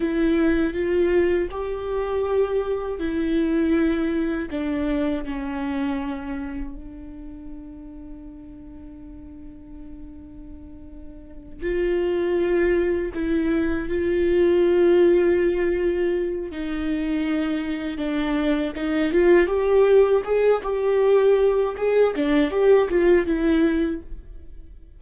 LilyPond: \new Staff \with { instrumentName = "viola" } { \time 4/4 \tempo 4 = 80 e'4 f'4 g'2 | e'2 d'4 cis'4~ | cis'4 d'2.~ | d'2.~ d'8 f'8~ |
f'4. e'4 f'4.~ | f'2 dis'2 | d'4 dis'8 f'8 g'4 gis'8 g'8~ | g'4 gis'8 d'8 g'8 f'8 e'4 | }